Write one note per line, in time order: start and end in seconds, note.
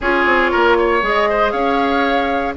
0.00 0.25 C#4
0.00 1.01 F4
0.00 0.51 G#4
0.00 1.04 C#5
0.25 0.51 C4
0.51 1.02 A#3
0.51 0.76 A#4
0.78 1.29 C#5
1.01 1.52 G#3
1.01 2.55 G#4
1.01 1.51 D#5
1.29 1.52 C5
1.51 2.55 C#4
1.51 2.54 C#5
1.51 2.53 F5